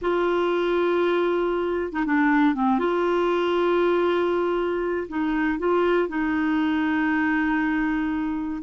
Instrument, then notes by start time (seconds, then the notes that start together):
clarinet
0.01 F4
1.92 D#4
2.05 D4
2.54 C4
2.78 F4
5.08 D#4
5.59 F4
6.08 D#4